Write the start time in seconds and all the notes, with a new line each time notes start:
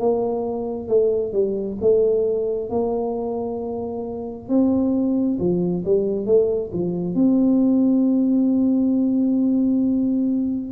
0.00 A#3
0.88 A3
1.33 G3
1.82 A3
2.70 A#3
4.49 C4
5.40 F3
5.85 G3
6.26 A3
6.73 F3
7.15 C4